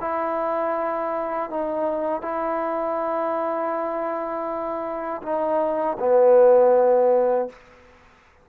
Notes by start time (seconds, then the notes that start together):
0.00 E4
1.49 D#4
2.21 E4
5.22 D#4
5.99 B3